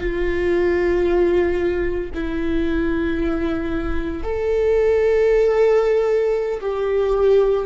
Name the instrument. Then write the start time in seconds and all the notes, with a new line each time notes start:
viola
0.00 F4
2.14 E4
4.23 A4
6.61 G4